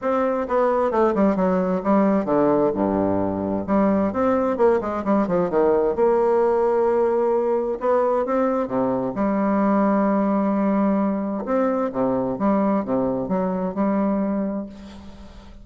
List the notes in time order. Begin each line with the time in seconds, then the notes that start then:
0.01 C4
0.48 B3
0.91 A3
1.14 G3
1.36 F#3
1.83 G3
2.25 D3
2.74 G2
3.66 G3
4.12 C4
4.57 A#3
4.80 G#3
5.04 G3
5.27 F3
5.50 D#3
5.95 A#3
7.80 B3
8.25 C4
8.67 C3
9.15 G3
11.45 C4
11.92 C3
12.39 G3
12.84 C3
13.28 F#3
13.74 G3